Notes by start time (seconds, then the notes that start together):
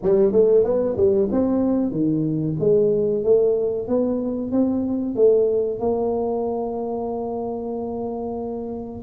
0.02 G3
0.32 A3
0.64 B3
0.96 G3
1.31 C4
1.91 D#3
2.59 G#3
3.23 A3
3.87 B3
4.51 C4
5.15 A3
5.79 A#3